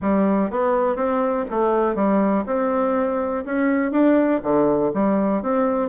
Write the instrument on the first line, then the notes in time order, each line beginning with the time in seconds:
bassoon
0.01 G3
0.50 B3
0.96 C4
1.50 A3
1.95 G3
2.46 C4
3.45 C#4
3.91 D4
4.42 D3
4.94 G3
5.42 C4